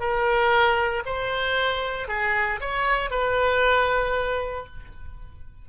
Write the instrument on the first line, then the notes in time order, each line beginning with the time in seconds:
oboe
0.00 A#4
1.06 C5
2.08 G#4
2.61 C#5
3.10 B4